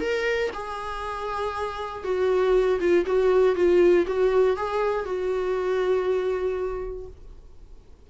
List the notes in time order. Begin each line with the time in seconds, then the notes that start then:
0.00 A#4
0.53 G#4
2.04 F#4
2.79 F4
3.05 F#4
3.55 F4
4.06 F#4
4.57 G#4
5.05 F#4